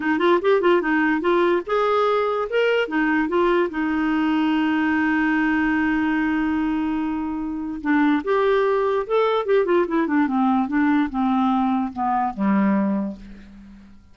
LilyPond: \new Staff \with { instrumentName = "clarinet" } { \time 4/4 \tempo 4 = 146 dis'8 f'8 g'8 f'8 dis'4 f'4 | gis'2 ais'4 dis'4 | f'4 dis'2.~ | dis'1~ |
dis'2. d'4 | g'2 a'4 g'8 f'8 | e'8 d'8 c'4 d'4 c'4~ | c'4 b4 g2 | }